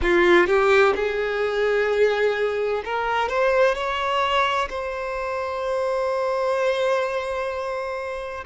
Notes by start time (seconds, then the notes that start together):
0.02 F4
0.46 G4
0.95 G#4
2.85 A#4
3.29 C5
3.75 C#5
4.69 C5